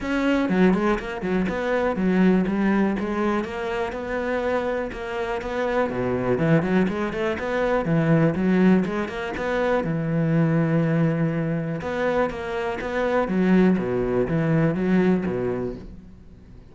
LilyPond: \new Staff \with { instrumentName = "cello" } { \time 4/4 \tempo 4 = 122 cis'4 fis8 gis8 ais8 fis8 b4 | fis4 g4 gis4 ais4 | b2 ais4 b4 | b,4 e8 fis8 gis8 a8 b4 |
e4 fis4 gis8 ais8 b4 | e1 | b4 ais4 b4 fis4 | b,4 e4 fis4 b,4 | }